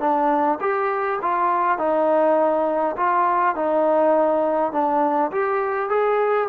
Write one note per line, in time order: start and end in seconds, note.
0.00 0.59 D4
0.61 1.20 G4
1.22 1.78 F4
1.78 2.96 D#4
2.97 3.56 F4
3.56 4.72 D#4
4.72 5.31 D4
5.32 5.90 G4
5.90 6.49 G#4